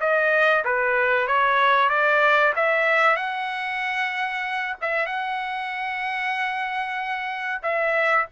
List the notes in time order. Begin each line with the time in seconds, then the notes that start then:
0.00 D#5
0.64 B4
1.27 C#5
1.89 D5
2.56 E5
3.16 F#5
4.81 E5
5.06 F#5
7.62 E5